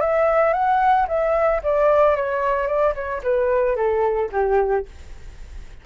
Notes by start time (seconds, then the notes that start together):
0.00 E5
0.53 F#5
1.08 E5
1.63 D5
2.16 C#5
2.67 D5
2.95 C#5
3.23 B4
3.76 A4
4.32 G4